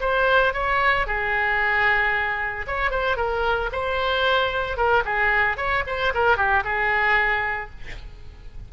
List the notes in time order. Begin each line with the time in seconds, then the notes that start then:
0.00 C5
0.53 C#5
1.06 G#4
2.67 C#5
2.90 C5
3.16 A#4
3.72 C5
4.77 A#4
5.05 G#4
5.57 C#5
5.86 C5
6.14 A#4
6.37 G4
6.64 G#4